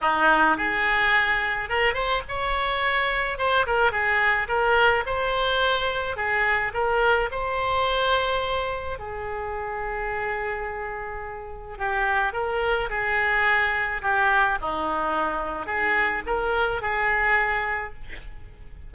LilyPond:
\new Staff \with { instrumentName = "oboe" } { \time 4/4 \tempo 4 = 107 dis'4 gis'2 ais'8 c''8 | cis''2 c''8 ais'8 gis'4 | ais'4 c''2 gis'4 | ais'4 c''2. |
gis'1~ | gis'4 g'4 ais'4 gis'4~ | gis'4 g'4 dis'2 | gis'4 ais'4 gis'2 | }